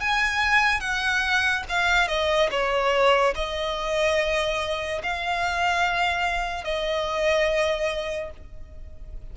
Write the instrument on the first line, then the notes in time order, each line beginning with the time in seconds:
violin
0.00 G#5
0.80 F#5
1.69 F5
2.08 D#5
2.50 C#5
3.35 D#5
5.03 F5
6.64 D#5